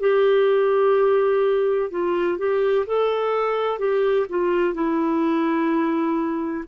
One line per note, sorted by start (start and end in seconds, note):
0.00 1.90 G4
1.90 2.38 F4
2.38 2.86 G4
2.86 3.79 A4
3.79 4.26 G4
4.29 4.74 F4
4.74 6.65 E4